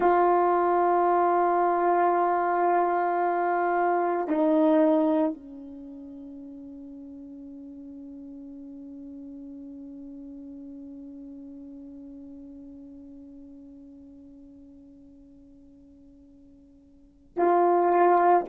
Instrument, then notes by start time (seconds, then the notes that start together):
horn
0.00 F4
4.28 D#4
5.33 C#4
17.36 F4